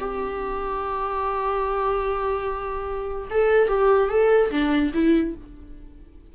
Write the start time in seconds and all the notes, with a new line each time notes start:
0.00 G4
3.31 A4
3.68 G4
4.10 A4
4.51 D4
4.94 E4